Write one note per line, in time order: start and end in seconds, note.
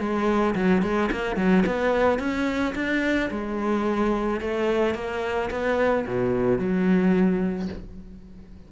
0.00 0.55 G#3
0.55 0.83 F#3
0.83 1.10 G#3
1.12 1.37 A#3
1.37 1.64 F#3
1.67 2.20 B3
2.20 2.75 C#4
2.75 3.31 D4
3.31 4.41 G#3
4.41 4.95 A3
4.95 5.50 A#3
5.51 6.06 B3
6.07 6.59 B2
6.59 7.69 F#3